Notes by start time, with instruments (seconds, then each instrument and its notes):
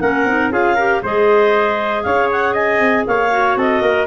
0.00 tuba A#3, clarinet C#4 F#5, trumpet A#4
0.25 tuba C4, clarinet D#4
0.51 tuba C#4, clarinet F4 F5, trumpet G#4
0.75 clarinet G4, trumpet A#4
1.03 tuba G#3, clarinet G#4 D#5, trumpet C5
2.03 tuba C#4, trumpet C#5, clarinet F5
2.32 clarinet F#5
2.53 trumpet D#5, clarinet G#5
2.80 tuba C4
3.07 tuba A#3, trumpet C#5, clarinet F5
3.31 clarinet F#4
3.56 tuba C4, trumpet A4, clarinet D#5
3.82 tuba A#3, trumpet A#4